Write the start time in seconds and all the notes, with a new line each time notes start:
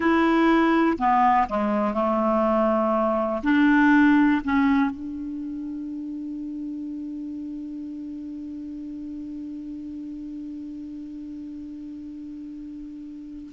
0.00 E4
0.98 B3
1.48 G#3
1.94 A3
3.43 D4
4.44 C#4
4.90 D4